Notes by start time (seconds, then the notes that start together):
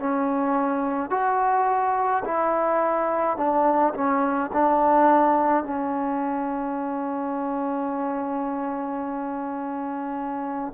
0.00 C#4
1.11 F#4
2.25 E4
3.38 D4
3.95 C#4
4.53 D4
5.64 C#4